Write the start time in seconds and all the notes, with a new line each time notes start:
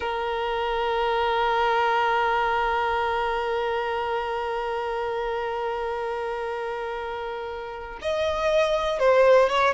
0.00 A#4
8.01 D#5
8.99 C5
9.49 C#5